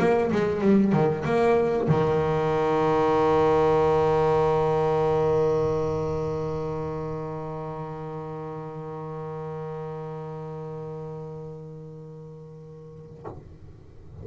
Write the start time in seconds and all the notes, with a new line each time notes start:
0.00 A#3
0.32 G#3
0.61 G3
0.93 D#3
1.25 A#3
1.89 D#3